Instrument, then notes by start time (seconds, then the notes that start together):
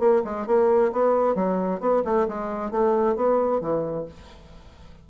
bassoon
0.00 A#3
0.25 G#3
0.47 A#3
0.93 B3
1.36 F#3
1.80 B3
2.05 A3
2.28 G#3
2.71 A3
3.16 B3
3.61 E3